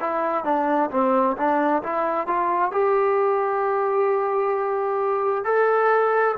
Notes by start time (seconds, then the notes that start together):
0.00 E4
0.44 D4
0.90 C4
1.37 D4
1.83 E4
2.27 F4
2.71 G4
5.44 A4